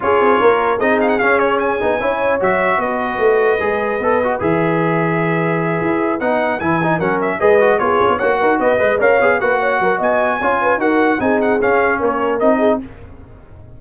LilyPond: <<
  \new Staff \with { instrumentName = "trumpet" } { \time 4/4 \tempo 4 = 150 cis''2 dis''8 f''16 fis''16 f''8 cis''8 | gis''2 e''4 dis''4~ | dis''2. e''4~ | e''2.~ e''8 fis''8~ |
fis''8 gis''4 fis''8 e''8 dis''4 cis''8~ | cis''8 fis''4 dis''4 f''4 fis''8~ | fis''4 gis''2 fis''4 | gis''8 fis''8 f''4 cis''4 dis''4 | }
  \new Staff \with { instrumentName = "horn" } { \time 4/4 gis'4 ais'4 gis'2~ | gis'4 cis''2 b'4~ | b'1~ | b'1~ |
b'4. ais'4 b'4 gis'8~ | gis'8 cis''8 ais'8 b'8 dis''8 cis''4 b'8 | cis''8 ais'8 dis''4 cis''8 b'8 ais'4 | gis'2 ais'4. gis'8 | }
  \new Staff \with { instrumentName = "trombone" } { \time 4/4 f'2 dis'4 cis'4~ | cis'8 dis'8 e'4 fis'2~ | fis'4 gis'4 a'8 fis'8 gis'4~ | gis'2.~ gis'8 dis'8~ |
dis'8 e'8 dis'8 cis'4 gis'8 fis'8 f'8~ | f'8 fis'4. b'8 ais'8 gis'8 fis'8~ | fis'2 f'4 fis'4 | dis'4 cis'2 dis'4 | }
  \new Staff \with { instrumentName = "tuba" } { \time 4/4 cis'8 c'8 ais4 c'4 cis'4~ | cis'8 b8 cis'4 fis4 b4 | a4 gis4 b4 e4~ | e2~ e8 e'4 b8~ |
b8 e4 fis4 gis4 b8 | cis'16 b16 ais8 dis'8 b8 gis8 cis'8 b8 ais8~ | ais8 fis8 b4 cis'4 dis'4 | c'4 cis'4 ais4 c'4 | }
>>